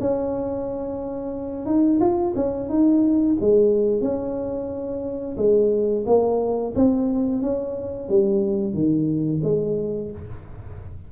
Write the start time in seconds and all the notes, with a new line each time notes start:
0.00 C#4
1.66 D#4
2.00 F4
2.36 C#4
2.69 D#4
3.40 G#3
4.01 C#4
5.37 G#3
6.06 A#3
6.75 C4
7.42 C#4
8.09 G3
8.74 D#3
9.43 G#3